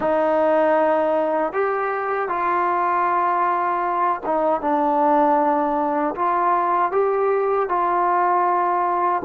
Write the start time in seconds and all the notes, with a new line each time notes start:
0.00 D#4
1.52 G4
2.29 F4
4.25 D#4
4.61 D4
6.15 F4
6.91 G4
7.68 F4